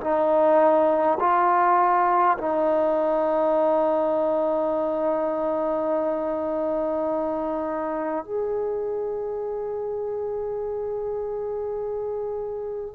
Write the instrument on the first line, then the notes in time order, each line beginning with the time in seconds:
trombone
0.00 D#4
1.19 F4
2.37 D#4
8.25 G#4